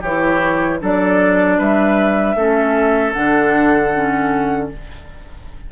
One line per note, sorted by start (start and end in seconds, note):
0.00 0.80 E3
0.00 0.80 E4
0.00 0.78 G4
0.00 0.80 C#5
0.80 1.58 F#3
0.80 2.35 D4
0.80 1.58 A4
0.80 1.60 D5
1.58 2.35 G3
1.58 2.36 B4
1.58 3.12 E5
2.35 3.13 A3
2.35 3.13 C#4
2.35 4.69 A4
3.12 4.71 D3
3.12 3.91 D4
3.12 4.68 F#5
3.94 4.71 C#4